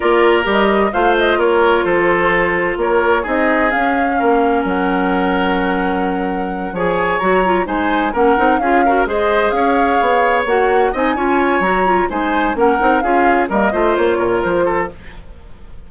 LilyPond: <<
  \new Staff \with { instrumentName = "flute" } { \time 4/4 \tempo 4 = 129 d''4 dis''4 f''8 dis''8 cis''4 | c''2 cis''4 dis''4 | f''2 fis''2~ | fis''2~ fis''8 gis''4 ais''8~ |
ais''8 gis''4 fis''4 f''4 dis''8~ | dis''8 f''2 fis''4 gis''8~ | gis''4 ais''4 gis''4 fis''4 | f''4 dis''4 cis''4 c''4 | }
  \new Staff \with { instrumentName = "oboe" } { \time 4/4 ais'2 c''4 ais'4 | a'2 ais'4 gis'4~ | gis'4 ais'2.~ | ais'2~ ais'8 cis''4.~ |
cis''8 c''4 ais'4 gis'8 ais'8 c''8~ | c''8 cis''2. dis''8 | cis''2 c''4 ais'4 | gis'4 ais'8 c''4 ais'4 a'8 | }
  \new Staff \with { instrumentName = "clarinet" } { \time 4/4 f'4 g'4 f'2~ | f'2. dis'4 | cis'1~ | cis'2~ cis'8 gis'4 fis'8 |
f'8 dis'4 cis'8 dis'8 f'8 fis'8 gis'8~ | gis'2~ gis'8 fis'4 dis'8 | f'4 fis'8 f'8 dis'4 cis'8 dis'8 | f'4 ais8 f'2~ f'8 | }
  \new Staff \with { instrumentName = "bassoon" } { \time 4/4 ais4 g4 a4 ais4 | f2 ais4 c'4 | cis'4 ais4 fis2~ | fis2~ fis8 f4 fis8~ |
fis8 gis4 ais8 c'8 cis'4 gis8~ | gis8 cis'4 b4 ais4 c'8 | cis'4 fis4 gis4 ais8 c'8 | cis'4 g8 a8 ais8 ais,8 f4 | }
>>